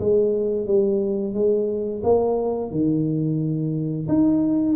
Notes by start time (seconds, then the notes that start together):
0.00 G#3
0.67 G3
1.34 G#3
2.03 A#3
2.71 D#3
4.08 D#4